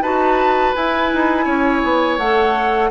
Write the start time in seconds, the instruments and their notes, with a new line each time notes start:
0.00 bassoon D#4, clarinet F#4, oboe B4, flute A5
0.75 clarinet E4, bassoon E4, flute G#5
1.14 bassoon D#4
1.45 bassoon C#4, oboe C#5
1.84 bassoon B3
2.18 bassoon A3, clarinet A4, flute F#5